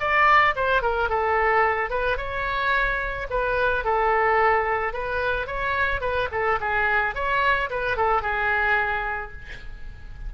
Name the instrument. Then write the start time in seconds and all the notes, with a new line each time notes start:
oboe
0.00 D5
0.56 C5
0.82 A#4
1.10 A4
1.90 B4
2.17 C#5
3.30 B4
3.85 A4
4.93 B4
5.47 C#5
6.01 B4
6.32 A4
6.61 G#4
7.15 C#5
7.70 B4
7.97 A4
8.22 G#4